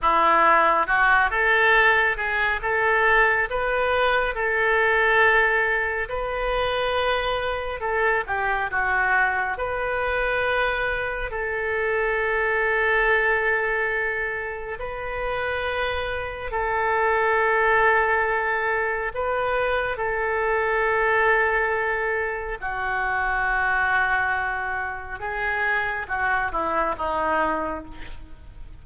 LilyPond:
\new Staff \with { instrumentName = "oboe" } { \time 4/4 \tempo 4 = 69 e'4 fis'8 a'4 gis'8 a'4 | b'4 a'2 b'4~ | b'4 a'8 g'8 fis'4 b'4~ | b'4 a'2.~ |
a'4 b'2 a'4~ | a'2 b'4 a'4~ | a'2 fis'2~ | fis'4 gis'4 fis'8 e'8 dis'4 | }